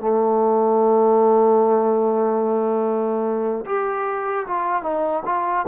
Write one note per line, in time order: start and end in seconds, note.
0.00 3.65 A3
3.65 4.46 G4
4.47 4.82 F4
4.82 5.23 D#4
5.25 5.66 F4